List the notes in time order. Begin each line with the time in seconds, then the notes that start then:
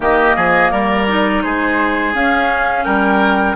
0.00 D#3 A#3 G4 D#5
0.36 F3 G#4
0.71 G3 A#4 D5
1.07 D#4
1.42 G#3 G#4 C5
2.14 C#4 F5
2.84 G3 A#4 G5